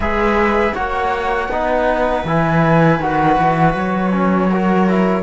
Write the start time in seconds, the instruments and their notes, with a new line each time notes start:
0.00 cello G#3, trombone G#4, viola B4, flute E5
0.74 cello A#3, trombone F#4, viola C#5, flute F#5
1.48 cello B3, trombone D#4, viola B4
2.24 cello E3, trombone E4, flute G#5
2.99 cello D#3, trombone F#4, flute F#5
3.37 cello E3
3.74 cello F#3, flute C#5
4.11 trombone C#4
4.50 trombone F#4, viola A#4
4.88 trombone E4